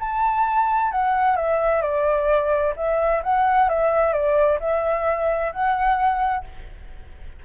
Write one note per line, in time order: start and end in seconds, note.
0.00 0.91 A5
0.91 1.37 F#5
1.37 1.82 E5
1.82 2.74 D5
2.76 3.22 E5
3.23 3.69 F#5
3.69 4.13 E5
4.13 4.59 D5
4.60 5.52 E5
5.53 6.45 F#5